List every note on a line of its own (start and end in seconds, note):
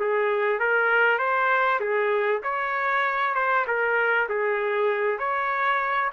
0.00 0.60 G#4
0.60 1.19 A#4
1.19 1.80 C5
1.81 2.42 G#4
2.43 3.35 C#5
3.35 3.66 C5
3.67 4.29 A#4
4.29 5.19 G#4
5.19 6.11 C#5